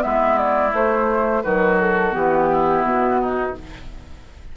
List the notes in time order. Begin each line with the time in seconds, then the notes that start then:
0.00 G#3 B3 E4 E5
0.38 D5
0.72 A3 C5
1.42 D#3 F#3 F#4 B4
1.80 A4
2.12 E3 B3 G4
2.52 E4
2.83 B2 F#4
3.21 D#4